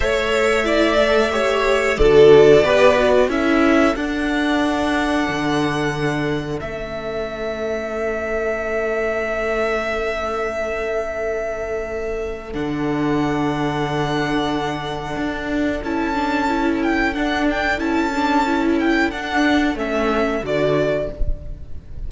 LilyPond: <<
  \new Staff \with { instrumentName = "violin" } { \time 4/4 \tempo 4 = 91 e''2. d''4~ | d''4 e''4 fis''2~ | fis''2 e''2~ | e''1~ |
e''2. fis''4~ | fis''1 | a''4. g''8 fis''8 g''8 a''4~ | a''8 g''8 fis''4 e''4 d''4 | }
  \new Staff \with { instrumentName = "violin" } { \time 4/4 cis''4 d''4 cis''4 a'4 | b'4 a'2.~ | a'1~ | a'1~ |
a'1~ | a'1~ | a'1~ | a'1 | }
  \new Staff \with { instrumentName = "viola" } { \time 4/4 a'4 e'8 a'8 g'4 fis'4 | g'8 fis'8 e'4 d'2~ | d'2 cis'2~ | cis'1~ |
cis'2. d'4~ | d'1 | e'8 d'8 e'4 d'4 e'8 d'8 | e'4 d'4 cis'4 fis'4 | }
  \new Staff \with { instrumentName = "cello" } { \time 4/4 a2. d4 | b4 cis'4 d'2 | d2 a2~ | a1~ |
a2. d4~ | d2. d'4 | cis'2 d'4 cis'4~ | cis'4 d'4 a4 d4 | }
>>